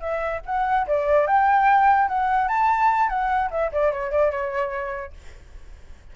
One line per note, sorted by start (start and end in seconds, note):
0.00 0.41 E5
0.45 0.86 F#5
0.86 1.27 D5
1.27 2.08 G5
2.08 2.48 F#5
2.48 3.09 A5
3.09 3.49 F#5
3.50 3.71 E5
3.72 3.91 D5
3.91 4.11 C#5
4.11 4.31 D5
4.31 5.13 C#5